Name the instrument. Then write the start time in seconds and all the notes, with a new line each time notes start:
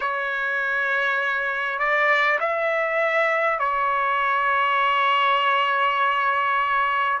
trumpet
0.00 C#5
1.78 D5
2.39 E5
3.59 C#5